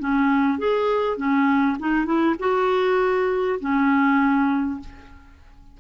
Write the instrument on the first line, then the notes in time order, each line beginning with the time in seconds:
clarinet
0.00 C#4
0.59 G#4
1.18 C#4
1.80 D#4
2.06 E4
2.40 F#4
3.61 C#4